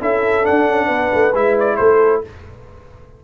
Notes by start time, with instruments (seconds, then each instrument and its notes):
0.00 tuba C#4, trombone E4, horn A4, trumpet E5
0.43 trombone D4, trumpet F#5
0.50 tuba D4
0.68 tuba C#4
0.86 tuba B3, horn B4
1.14 tuba A3
1.34 tuba G#3, trombone E4, trumpet E5
1.60 trumpet D5
1.76 tuba A3, horn A4, trumpet C5